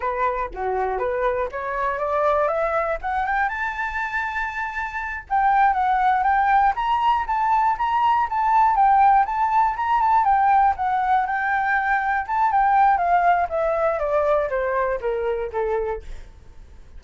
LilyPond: \new Staff \with { instrumentName = "flute" } { \time 4/4 \tempo 4 = 120 b'4 fis'4 b'4 cis''4 | d''4 e''4 fis''8 g''8 a''4~ | a''2~ a''8 g''4 fis''8~ | fis''8 g''4 ais''4 a''4 ais''8~ |
ais''8 a''4 g''4 a''4 ais''8 | a''8 g''4 fis''4 g''4.~ | g''8 a''8 g''4 f''4 e''4 | d''4 c''4 ais'4 a'4 | }